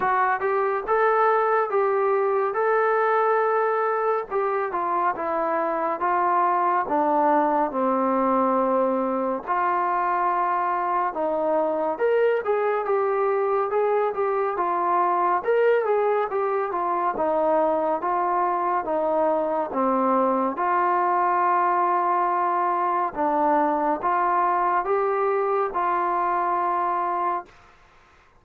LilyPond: \new Staff \with { instrumentName = "trombone" } { \time 4/4 \tempo 4 = 70 fis'8 g'8 a'4 g'4 a'4~ | a'4 g'8 f'8 e'4 f'4 | d'4 c'2 f'4~ | f'4 dis'4 ais'8 gis'8 g'4 |
gis'8 g'8 f'4 ais'8 gis'8 g'8 f'8 | dis'4 f'4 dis'4 c'4 | f'2. d'4 | f'4 g'4 f'2 | }